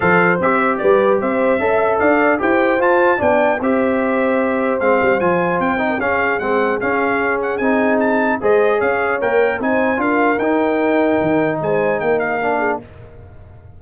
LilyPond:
<<
  \new Staff \with { instrumentName = "trumpet" } { \time 4/4 \tempo 4 = 150 f''4 e''4 d''4 e''4~ | e''4 f''4 g''4 a''4 | g''4 e''2. | f''4 gis''4 g''4 f''4 |
fis''4 f''4. fis''8 gis''4 | a''4 dis''4 f''4 g''4 | gis''4 f''4 g''2~ | g''4 gis''4 g''8 f''4. | }
  \new Staff \with { instrumentName = "horn" } { \time 4/4 c''2 b'4 c''4 | e''4 d''4 c''2 | d''4 c''2.~ | c''2~ c''8. ais'16 gis'4~ |
gis'1~ | gis'4 c''4 cis''2 | c''4 ais'2.~ | ais'4 c''4 ais'4. gis'8 | }
  \new Staff \with { instrumentName = "trombone" } { \time 4/4 a'4 g'2. | a'2 g'4 f'4 | d'4 g'2. | c'4 f'4. dis'8 cis'4 |
c'4 cis'2 dis'4~ | dis'4 gis'2 ais'4 | dis'4 f'4 dis'2~ | dis'2. d'4 | }
  \new Staff \with { instrumentName = "tuba" } { \time 4/4 f4 c'4 g4 c'4 | cis'4 d'4 e'4 f'4 | b4 c'2. | gis8 g8 f4 c'4 cis'4 |
gis4 cis'2 c'4~ | c'4 gis4 cis'4 ais4 | c'4 d'4 dis'2 | dis4 gis4 ais2 | }
>>